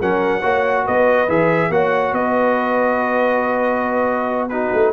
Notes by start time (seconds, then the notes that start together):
0.00 F#3 C#4 A#4 F#5
0.41 A#3 F#4 C#5
0.85 B3 B4 D#5
1.28 E3 G#4 E5
1.70 A#3 F#4 C#5 F#5
2.12 B3 B4 D#5
4.49 D#4 F#4 B4
4.73 A3